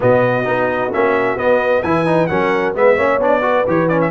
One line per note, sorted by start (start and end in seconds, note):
0.00 0.46 B2
0.00 0.44 B3
0.00 1.83 F#4
0.00 0.93 D#5
0.44 0.92 B3
0.44 0.90 D#4
0.93 1.37 A#3
0.93 1.37 C#4
0.93 1.38 E5
1.37 1.82 B3
1.37 1.83 B3
1.37 1.82 D#5
1.82 2.29 E3
1.82 2.06 E4
1.82 2.29 B4
1.82 2.26 G#5
2.06 2.29 D#4
2.26 2.74 F#3
2.26 2.74 C#4
2.26 2.74 A#4
2.26 2.72 F#5
2.74 2.97 G#3
2.74 2.97 B3
2.74 2.95 B4
2.74 3.22 E5
2.95 3.18 A#3
2.95 3.20 C#4
2.95 3.41 C#5
3.18 3.64 B3
3.18 3.41 D4
3.18 3.68 D5
3.41 3.64 F#4
3.41 4.11 B4
3.67 4.11 E3
3.67 3.89 G4
3.67 3.88 C#5
3.88 4.11 C#4
3.88 4.00 D5
4.01 4.11 E5